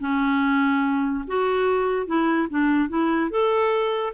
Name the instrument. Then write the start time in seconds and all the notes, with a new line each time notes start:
clarinet
0.00 C#4
1.27 F#4
2.06 E4
2.49 D4
2.89 E4
3.30 A4